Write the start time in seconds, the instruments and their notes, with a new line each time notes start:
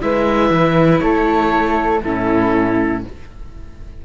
0.00 cello G#3, viola E4, flute B4, oboe E5
0.50 cello E3
0.99 cello A3, flute A4, oboe C#5
2.03 cello A2, viola C#4, flute E4, oboe A4